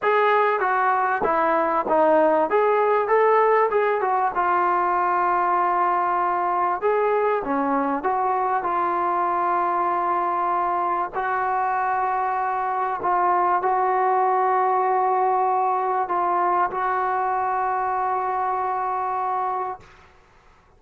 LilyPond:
\new Staff \with { instrumentName = "trombone" } { \time 4/4 \tempo 4 = 97 gis'4 fis'4 e'4 dis'4 | gis'4 a'4 gis'8 fis'8 f'4~ | f'2. gis'4 | cis'4 fis'4 f'2~ |
f'2 fis'2~ | fis'4 f'4 fis'2~ | fis'2 f'4 fis'4~ | fis'1 | }